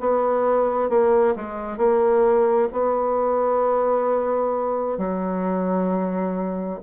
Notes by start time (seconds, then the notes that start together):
0.00 B3
0.89 A#3
1.36 G#3
1.78 A#3
2.72 B3
4.98 F#3